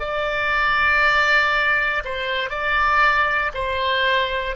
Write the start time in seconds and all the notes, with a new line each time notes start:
0.00 D5
2.05 C5
2.50 D5
3.55 C5